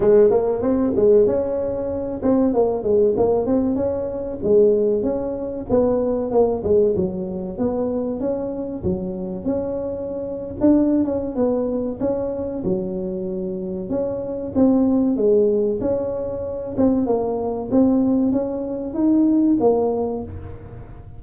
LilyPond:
\new Staff \with { instrumentName = "tuba" } { \time 4/4 \tempo 4 = 95 gis8 ais8 c'8 gis8 cis'4. c'8 | ais8 gis8 ais8 c'8 cis'4 gis4 | cis'4 b4 ais8 gis8 fis4 | b4 cis'4 fis4 cis'4~ |
cis'8. d'8. cis'8 b4 cis'4 | fis2 cis'4 c'4 | gis4 cis'4. c'8 ais4 | c'4 cis'4 dis'4 ais4 | }